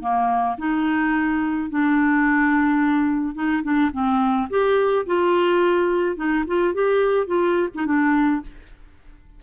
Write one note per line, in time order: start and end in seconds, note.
0.00 0.56 A#3
0.58 1.69 D#4
1.69 3.34 D4
3.34 3.62 D#4
3.63 3.91 D4
3.92 4.48 C4
4.50 5.06 G4
5.06 6.16 F4
6.16 6.44 D#4
6.47 6.74 F4
6.74 7.26 G4
7.26 7.68 F4
7.75 7.86 D#4
7.86 8.42 D4